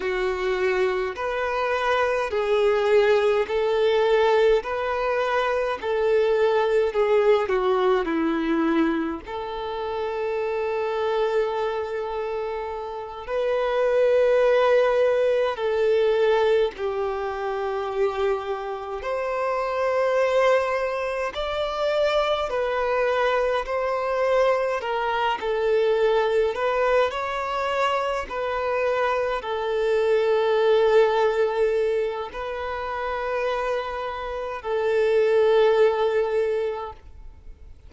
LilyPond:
\new Staff \with { instrumentName = "violin" } { \time 4/4 \tempo 4 = 52 fis'4 b'4 gis'4 a'4 | b'4 a'4 gis'8 fis'8 e'4 | a'2.~ a'8 b'8~ | b'4. a'4 g'4.~ |
g'8 c''2 d''4 b'8~ | b'8 c''4 ais'8 a'4 b'8 cis''8~ | cis''8 b'4 a'2~ a'8 | b'2 a'2 | }